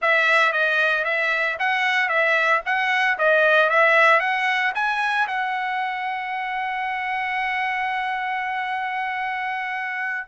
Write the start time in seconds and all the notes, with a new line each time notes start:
0.01 E5
0.52 D#5
1.04 E5
1.59 F#5
2.08 E5
2.65 F#5
3.18 D#5
3.69 E5
4.20 F#5
4.74 G#5
5.27 F#5